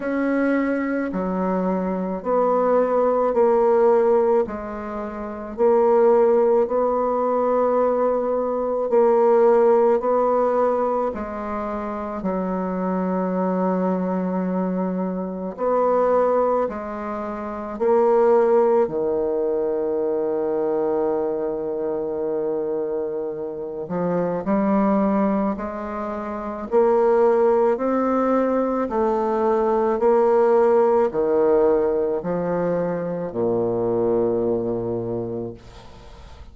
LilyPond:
\new Staff \with { instrumentName = "bassoon" } { \time 4/4 \tempo 4 = 54 cis'4 fis4 b4 ais4 | gis4 ais4 b2 | ais4 b4 gis4 fis4~ | fis2 b4 gis4 |
ais4 dis2.~ | dis4. f8 g4 gis4 | ais4 c'4 a4 ais4 | dis4 f4 ais,2 | }